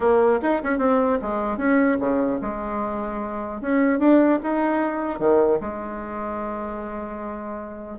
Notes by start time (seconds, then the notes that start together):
0.00 A#3
0.41 D#4
0.63 C#4
0.78 C4
1.21 G#3
1.57 C#4
1.99 C#3
2.41 G#3
3.61 C#4
3.99 D4
4.42 D#4
5.19 D#3
5.60 G#3